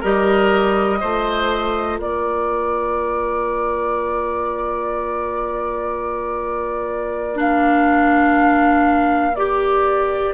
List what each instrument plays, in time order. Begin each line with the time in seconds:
0.00 bassoon G3, clarinet G4, oboe A#4, flute D#5
0.99 bassoon A3, clarinet F4, oboe C5
1.99 bassoon A#3, oboe A#4, flute D5
7.35 clarinet D4, flute F5
9.36 clarinet G4, flute D5